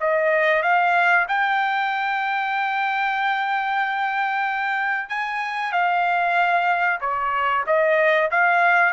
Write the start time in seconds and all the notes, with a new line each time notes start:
0.00 D#5
0.62 F5
1.28 G5
5.09 G#5
5.72 F5
7.00 C#5
7.66 D#5
8.31 F5